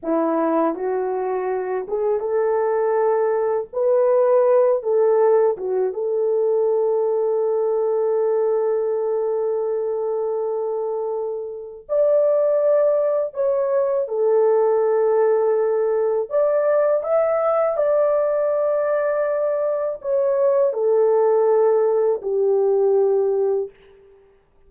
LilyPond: \new Staff \with { instrumentName = "horn" } { \time 4/4 \tempo 4 = 81 e'4 fis'4. gis'8 a'4~ | a'4 b'4. a'4 fis'8 | a'1~ | a'1 |
d''2 cis''4 a'4~ | a'2 d''4 e''4 | d''2. cis''4 | a'2 g'2 | }